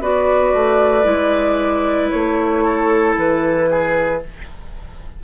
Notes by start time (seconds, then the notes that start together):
0.00 B3 F#4 B4 D5
0.53 A3
1.03 G#3 E4
2.09 A3 C#5
2.64 A4
3.17 E3 B4
3.70 G#4